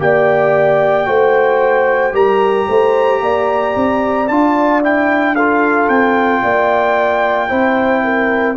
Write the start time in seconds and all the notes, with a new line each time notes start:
0.00 A#3 G4 D5 G5
1.06 A3 F#4 C5
2.13 G3 G4 A#4 A#5
2.69 A3 C5
3.22 A#3 D5
3.76 C4
4.28 D4 F4 A5
4.83 E4 G5
5.35 F4 A4 F5
5.89 C4 G5
6.43 A#3 D5
7.49 C4 E4 C5
8.04 A#4